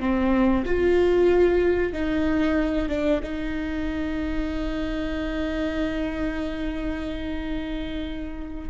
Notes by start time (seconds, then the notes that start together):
0.00 C4
0.66 F4
1.93 D#4
2.89 D4
3.23 D#4